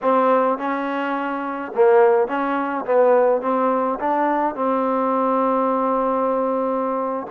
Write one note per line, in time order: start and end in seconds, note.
0.02 0.57 C4
0.57 1.72 C#4
1.75 2.27 A#3
2.27 2.84 C#4
2.85 3.41 B3
3.41 3.98 C4
3.99 4.55 D4
4.55 7.26 C4